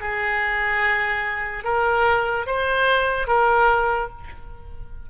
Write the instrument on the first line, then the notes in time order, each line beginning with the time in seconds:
oboe
0.00 G#4
1.64 A#4
2.46 C5
3.27 A#4